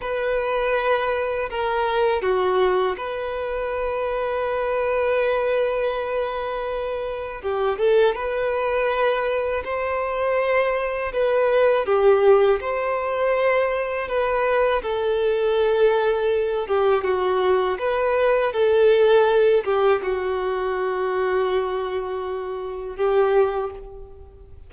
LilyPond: \new Staff \with { instrumentName = "violin" } { \time 4/4 \tempo 4 = 81 b'2 ais'4 fis'4 | b'1~ | b'2 g'8 a'8 b'4~ | b'4 c''2 b'4 |
g'4 c''2 b'4 | a'2~ a'8 g'8 fis'4 | b'4 a'4. g'8 fis'4~ | fis'2. g'4 | }